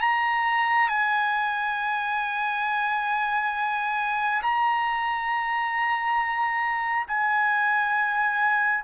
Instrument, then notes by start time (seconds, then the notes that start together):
trumpet
0.00 A#5
0.89 G#5
4.42 A#5
7.07 G#5